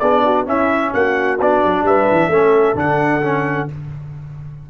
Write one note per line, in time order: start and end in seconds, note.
0.00 0.47 B3
0.00 0.46 D4
0.00 0.24 G#4
0.00 0.46 D5
0.26 0.48 F#4
0.46 1.39 C#4
0.46 0.93 C#4
0.46 0.94 E4
0.46 0.94 E5
0.94 1.41 A#3
0.94 1.87 F#4
0.94 1.40 F#5
1.41 1.64 B3
1.41 2.32 D4
1.41 1.86 D5
1.64 1.83 F#3
1.83 2.07 G3
1.83 2.32 B4
1.83 2.79 E5
2.12 2.29 E3
2.29 2.75 A3
2.29 2.76 C#4
2.29 3.71 A4
2.76 3.68 D3
2.76 3.22 D4
2.76 3.71 F#5
3.22 3.69 C#4